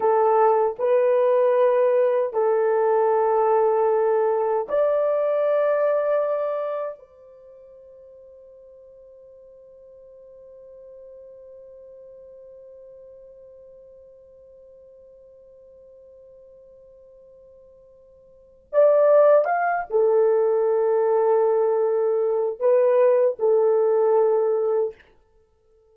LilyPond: \new Staff \with { instrumentName = "horn" } { \time 4/4 \tempo 4 = 77 a'4 b'2 a'4~ | a'2 d''2~ | d''4 c''2.~ | c''1~ |
c''1~ | c''1 | d''4 f''8 a'2~ a'8~ | a'4 b'4 a'2 | }